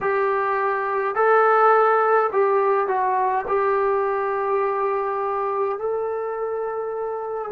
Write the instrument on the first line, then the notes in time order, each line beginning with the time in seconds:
trombone
0.00 G4
1.15 A4
2.32 G4
2.87 F#4
3.47 G4
5.78 A4